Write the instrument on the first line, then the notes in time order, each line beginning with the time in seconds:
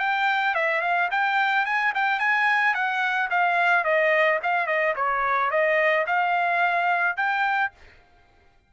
trumpet
0.00 G5
0.55 E5
0.82 F5
1.12 G5
1.66 G#5
1.95 G5
2.20 G#5
2.74 F#5
3.31 F5
3.85 D#5
4.44 F5
4.67 D#5
4.96 C#5
5.51 D#5
6.07 F5
7.17 G5